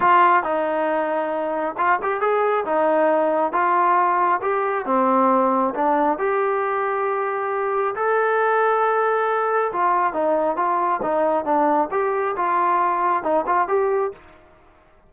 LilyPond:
\new Staff \with { instrumentName = "trombone" } { \time 4/4 \tempo 4 = 136 f'4 dis'2. | f'8 g'8 gis'4 dis'2 | f'2 g'4 c'4~ | c'4 d'4 g'2~ |
g'2 a'2~ | a'2 f'4 dis'4 | f'4 dis'4 d'4 g'4 | f'2 dis'8 f'8 g'4 | }